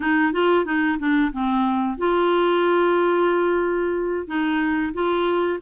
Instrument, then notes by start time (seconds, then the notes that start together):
clarinet
0.00 D#4
0.33 F4
0.65 D#4
0.98 D4
1.32 C4
1.97 F4
4.27 D#4
4.93 F4